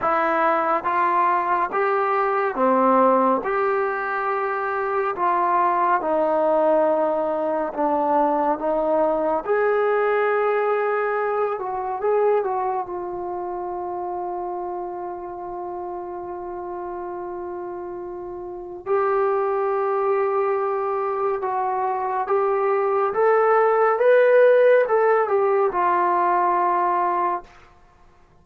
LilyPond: \new Staff \with { instrumentName = "trombone" } { \time 4/4 \tempo 4 = 70 e'4 f'4 g'4 c'4 | g'2 f'4 dis'4~ | dis'4 d'4 dis'4 gis'4~ | gis'4. fis'8 gis'8 fis'8 f'4~ |
f'1~ | f'2 g'2~ | g'4 fis'4 g'4 a'4 | b'4 a'8 g'8 f'2 | }